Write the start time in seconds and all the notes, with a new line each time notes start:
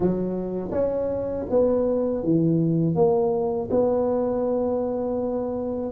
0.00 F#3
0.71 C#4
1.49 B3
2.23 E3
2.95 A#3
3.70 B3